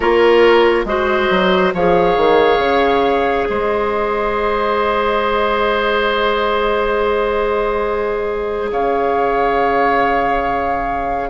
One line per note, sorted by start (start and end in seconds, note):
0.00 0.84 A#3
0.00 0.86 F4
0.00 0.85 A#4
0.00 0.85 C#5
0.84 1.28 G#3
0.84 1.73 F#4
0.84 1.74 C5
0.84 1.72 D#5
1.30 1.73 F#3
1.73 2.16 F3
1.73 11.29 G#4
1.73 3.48 C#5
1.73 3.47 F5
2.16 2.58 D#3
2.58 3.45 C#3
3.47 8.71 G#3
3.47 8.71 C5
3.47 8.68 D#5
8.71 11.29 C#3
8.71 11.29 C#5
8.71 11.29 F5